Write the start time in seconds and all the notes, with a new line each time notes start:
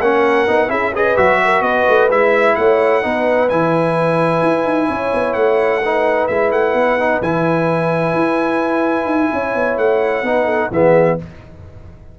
0.00 A#3 C#4 A#4 F#5
0.48 B3 D#4
0.68 C#4 E4 G#4 E5
0.94 G#4 B4 D#5
1.17 F#3 F#4 E5
1.44 A#4
1.61 B3 B4 D#5
1.89 A3
2.10 G#3 E4 E5
2.56 A3 C#5 F#5
3.02 B3 D#4 B4
3.49 E3 E4 G#5
4.43 E4
4.65 D#4
4.88 C#4 C#5
5.14 B3
5.34 A3 F#5
5.82 D#4 B4
6.28 G#3 E4 E5
6.51 A3 F#5
6.74 B3
6.99 D#4
7.22 E3 E4 G#5
8.14 E4
9.05 D#4
9.33 C#4 C#5
9.55 B3
9.78 A3 F#5
10.23 B3 D#4 B4
10.45 A4
10.71 E3 B3 G#4 E5